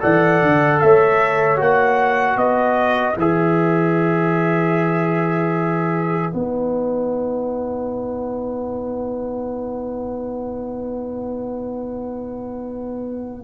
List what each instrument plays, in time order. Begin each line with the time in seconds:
0.00 tuba E3, trombone A4, horn D5, trumpet F#5
0.42 tuba D3
0.80 tuba A3, horn C#5, trumpet E5
1.57 tuba A#3, trombone F#4, trumpet F#5
2.37 tuba B3, horn B4, trumpet D#5
3.17 tuba E3, trombone G#4, trumpet E5
6.32 tuba B3, trombone D#4, trumpet F#5